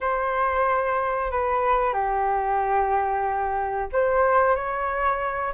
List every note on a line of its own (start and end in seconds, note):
0.01 1.31 C5
1.31 1.93 B4
1.93 3.88 G4
3.92 4.55 C5
4.55 5.53 C#5